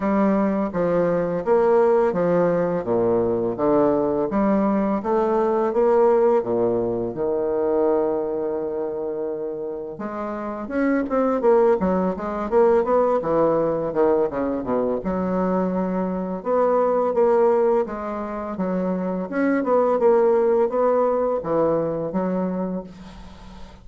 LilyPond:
\new Staff \with { instrumentName = "bassoon" } { \time 4/4 \tempo 4 = 84 g4 f4 ais4 f4 | ais,4 d4 g4 a4 | ais4 ais,4 dis2~ | dis2 gis4 cis'8 c'8 |
ais8 fis8 gis8 ais8 b8 e4 dis8 | cis8 b,8 fis2 b4 | ais4 gis4 fis4 cis'8 b8 | ais4 b4 e4 fis4 | }